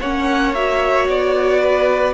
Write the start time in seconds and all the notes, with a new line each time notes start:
0.00 A#3 C#4 C#5 F#5
0.54 F#4 E5
1.08 B3 D5
1.60 B4